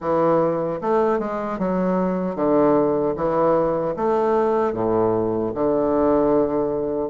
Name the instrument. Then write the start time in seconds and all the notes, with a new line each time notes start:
bassoon
0.00 E3
0.81 A3
1.19 G#3
1.58 F#3
2.35 D3
3.15 E3
3.96 A3
4.73 A2
5.54 D3